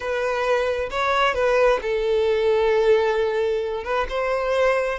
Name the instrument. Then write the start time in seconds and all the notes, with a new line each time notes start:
violin
0.00 B4
0.90 C#5
1.34 B4
1.81 A4
3.84 B4
4.09 C5